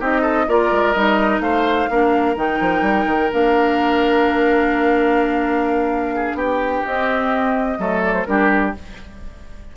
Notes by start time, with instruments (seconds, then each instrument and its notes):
0.00 bassoon C4, clarinet D#4, oboe G4, flute D#5
0.21 oboe A4
0.48 bassoon A#3, clarinet F4, oboe A#4, flute D5
0.71 bassoon G#3
0.93 bassoon G3, clarinet D#4, flute D#5
1.40 bassoon A3, oboe C5, flute F5
1.90 bassoon A#3, clarinet D4, oboe A#4
2.36 bassoon D#3, clarinet D#4, flute G5
2.61 bassoon F3
2.82 bassoon G3
3.06 bassoon D#3
3.32 bassoon A#3, clarinet D4, flute F5
6.15 oboe G#4
6.34 bassoon B3, oboe G4, flute G5
6.86 bassoon C4, clarinet C4, flute D#5
7.78 bassoon F#3, clarinet A3, oboe A4
8.04 flute D5
8.14 flute C5
8.25 bassoon G3, clarinet D4, oboe G4, flute A#4